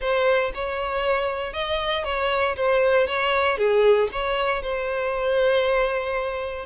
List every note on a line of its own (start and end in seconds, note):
0.00 0.52 C5
0.54 1.53 C#5
1.53 2.04 D#5
2.04 2.55 C#5
2.56 3.07 C5
3.07 3.57 C#5
3.57 4.09 G#4
4.12 4.62 C#5
4.62 6.65 C5